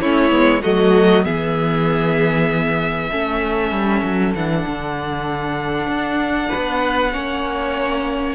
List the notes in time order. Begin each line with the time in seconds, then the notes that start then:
0.00 A3 C#4 E4 C#5
0.29 G#3 B3
0.62 F#3 A3 F#4 D#5
1.24 E3 B3 G#4 E5
3.10 A3 C#4 A4
3.71 G3
4.03 F#3
4.34 E3 D4 F#5
4.67 D3
5.87 D4
6.49 B4
6.55 B3
7.12 A#3 C#4 C#5